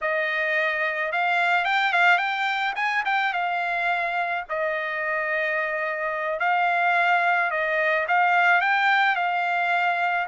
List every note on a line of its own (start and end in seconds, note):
0.01 1.12 D#5
1.12 1.64 F5
1.64 1.92 G5
1.92 2.17 F5
2.17 2.73 G5
2.75 3.03 G#5
3.05 3.33 G5
3.33 4.44 F5
4.49 6.39 D#5
6.39 7.50 F5
7.51 8.06 D#5
8.07 8.61 F5
8.61 9.15 G5
9.15 10.26 F5